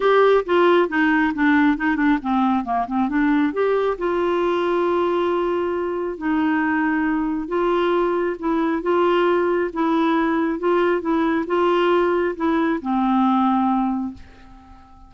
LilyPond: \new Staff \with { instrumentName = "clarinet" } { \time 4/4 \tempo 4 = 136 g'4 f'4 dis'4 d'4 | dis'8 d'8 c'4 ais8 c'8 d'4 | g'4 f'2.~ | f'2 dis'2~ |
dis'4 f'2 e'4 | f'2 e'2 | f'4 e'4 f'2 | e'4 c'2. | }